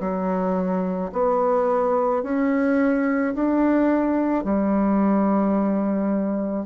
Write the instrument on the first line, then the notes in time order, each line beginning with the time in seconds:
bassoon
0.00 F#3
1.12 B3
2.23 C#4
3.35 D4
4.44 G3